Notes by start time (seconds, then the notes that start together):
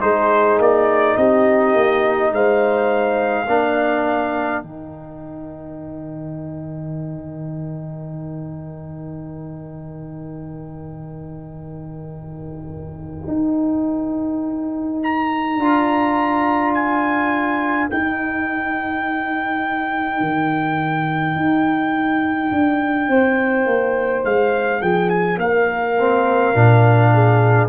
0.00 G#3 D#4 G#4 C5
0.58 A#3 D5
1.17 C4 G4 D#5
1.74 A#3
2.32 G#3 C5 F5
3.47 A#3 D4 A#4
4.62 D#3 D#4 G5
13.27 D#4
15.03 A#5
15.58 D4 F4
16.74 G#5
17.89 D#4 G5
20.21 D#3
21.36 D#4
22.51 D4
23.08 C4 C5
23.66 A#3
24.24 G#3 F5
24.81 F3 G#4 G5
25.09 G#5
25.37 A#3 A#4 F5
25.99 C4
26.54 A#2 D4
27.13 G#4